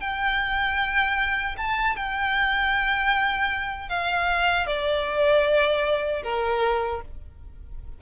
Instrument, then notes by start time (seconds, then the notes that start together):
violin
0.00 G5
1.58 A5
1.97 G5
3.89 F5
4.67 D5
6.23 A#4